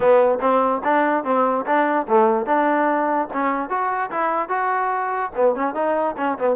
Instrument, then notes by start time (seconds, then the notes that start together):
trombone
0.00 B3
0.40 C4
0.83 D4
1.23 C4
1.66 D4
2.08 A3
2.45 D4
3.33 C#4
3.69 F#4
4.10 E4
4.49 F#4
5.35 B3
5.55 C#4
5.74 D#4
6.17 C#4
6.38 B3